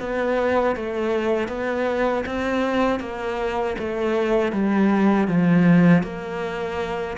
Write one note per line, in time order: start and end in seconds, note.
0.00 0.76 B3
0.76 1.48 A3
1.48 2.24 B3
2.26 3.00 C4
3.00 3.76 A#3
3.79 4.52 A3
4.52 5.28 G3
5.28 6.03 F3
6.03 7.17 A#3